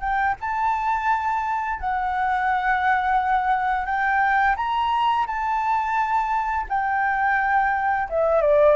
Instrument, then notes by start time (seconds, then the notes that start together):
flute
0.00 G5
0.41 A5
1.80 F#5
3.86 G5
4.56 A#5
5.26 A5
6.69 G5
8.09 E5
8.41 D5